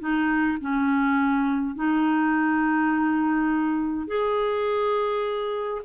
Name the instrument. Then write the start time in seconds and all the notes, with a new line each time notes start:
clarinet
0.00 D#4
0.61 C#4
1.75 D#4
4.07 G#4